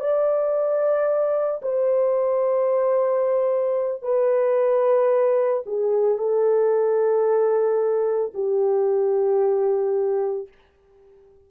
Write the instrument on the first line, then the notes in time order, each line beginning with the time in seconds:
horn
0.00 D5
1.62 C5
4.02 B4
5.66 G#4
6.19 A4
8.34 G4